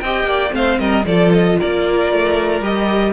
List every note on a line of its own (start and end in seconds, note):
0.00 0.25 C4
0.00 0.50 G4
0.00 0.29 D#5
0.00 0.52 G5
0.25 0.51 A#3
0.25 0.55 D5
0.50 0.79 A3
0.50 1.02 C4
0.50 0.80 C5
0.50 0.79 F5
0.79 1.06 G3
0.79 1.06 A#4
0.79 1.06 D#5
1.06 1.59 F3
1.06 2.63 F4
1.06 1.59 A4
1.06 1.33 D5
1.34 1.60 D#5
1.59 2.12 A#3
1.59 3.13 A#4
1.59 2.65 D5
2.12 2.62 A3
2.62 3.13 G3
2.62 3.13 G4
2.62 3.13 D#5